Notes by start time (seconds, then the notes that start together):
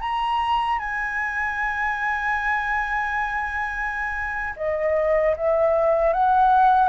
0.00 A#5
0.79 G#5
4.56 D#5
5.36 E5
6.13 F#5